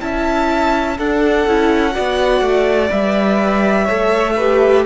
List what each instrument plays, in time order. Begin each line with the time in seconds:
0.00 cello C#4, viola E4, violin E5 A5
0.98 cello D4, viola D4, violin A4 F#5
1.47 cello C#4, viola E4
1.92 viola F#4, violin D5
1.98 cello B3
2.41 cello A3
2.90 cello G3, viola B4, violin E5
3.85 cello A3, viola A4, violin C#5
4.36 viola G4, violin B4